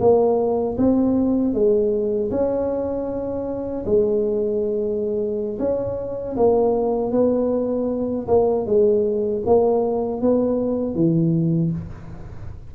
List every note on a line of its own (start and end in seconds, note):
0.00 0.77 A#3
0.77 1.53 C4
1.53 2.30 G#3
2.31 3.85 C#4
3.85 5.58 G#3
5.59 6.36 C#4
6.36 7.12 A#3
7.12 8.27 B3
8.27 8.66 A#3
8.66 9.43 G#3
9.46 10.21 A#3
10.21 10.94 B3
10.94 11.71 E3